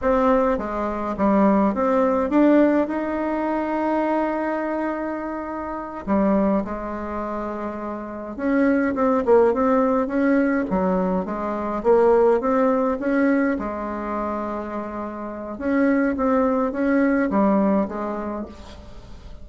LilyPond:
\new Staff \with { instrumentName = "bassoon" } { \time 4/4 \tempo 4 = 104 c'4 gis4 g4 c'4 | d'4 dis'2.~ | dis'2~ dis'8 g4 gis8~ | gis2~ gis8 cis'4 c'8 |
ais8 c'4 cis'4 fis4 gis8~ | gis8 ais4 c'4 cis'4 gis8~ | gis2. cis'4 | c'4 cis'4 g4 gis4 | }